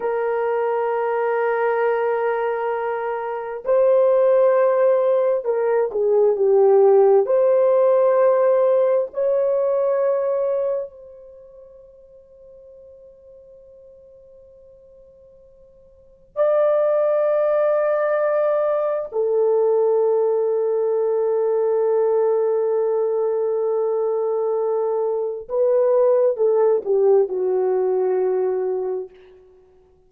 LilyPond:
\new Staff \with { instrumentName = "horn" } { \time 4/4 \tempo 4 = 66 ais'1 | c''2 ais'8 gis'8 g'4 | c''2 cis''2 | c''1~ |
c''2 d''2~ | d''4 a'2.~ | a'1 | b'4 a'8 g'8 fis'2 | }